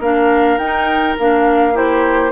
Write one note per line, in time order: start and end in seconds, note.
0.00 0.58 A#3
0.00 0.60 D4
0.00 1.74 A#4
0.00 0.58 F5
0.58 1.16 D#4
0.58 1.19 D#4
0.58 1.16 G5
1.19 2.32 A#3
1.19 1.74 D4
1.19 1.77 F5
1.74 2.31 E4
1.74 2.32 G4
1.74 2.32 C5